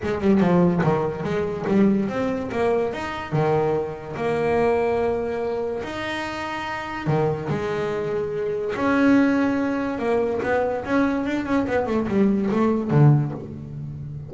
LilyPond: \new Staff \with { instrumentName = "double bass" } { \time 4/4 \tempo 4 = 144 gis8 g8 f4 dis4 gis4 | g4 c'4 ais4 dis'4 | dis2 ais2~ | ais2 dis'2~ |
dis'4 dis4 gis2~ | gis4 cis'2. | ais4 b4 cis'4 d'8 cis'8 | b8 a8 g4 a4 d4 | }